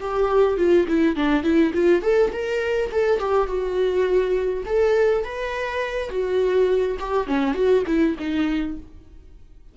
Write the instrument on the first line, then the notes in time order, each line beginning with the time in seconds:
viola
0.00 G4
0.57 F4
0.88 E4
1.16 D4
1.43 E4
1.74 F4
2.02 A4
2.32 A#4
2.92 A4
3.20 G4
3.47 F#4
4.66 A4
5.24 B4
6.10 F#4
7.00 G4
7.27 C#4
7.54 F#4
7.87 E4
8.19 D#4